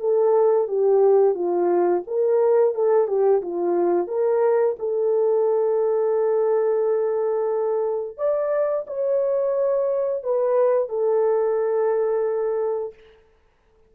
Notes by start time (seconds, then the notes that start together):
0.00 A4
0.68 G4
1.35 F4
2.07 A#4
2.75 A4
3.07 G4
3.42 F4
4.08 A#4
4.79 A4
8.18 D5
8.87 C#5
10.23 B4
10.89 A4